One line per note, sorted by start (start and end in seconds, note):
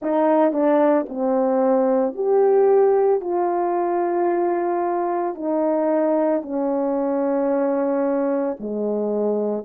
0.01 0.52 D#4
0.52 1.06 D4
1.09 2.14 C4
2.14 3.20 G4
3.20 5.35 F4
5.35 6.42 D#4
6.42 8.56 C#4
8.60 9.64 G#3